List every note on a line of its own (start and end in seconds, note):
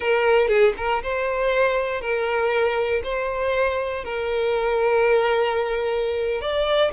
0.00 0.48 A#4
0.48 0.73 G#4
0.77 1.02 A#4
1.02 2.01 C5
2.01 3.01 A#4
3.03 4.04 C5
4.04 6.41 A#4
6.41 6.91 D5